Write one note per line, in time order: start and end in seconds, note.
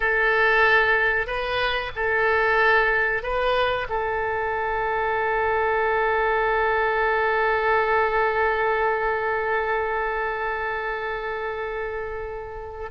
0.00 1.26 A4
1.26 1.91 B4
1.95 3.22 A4
3.22 3.87 B4
3.89 12.90 A4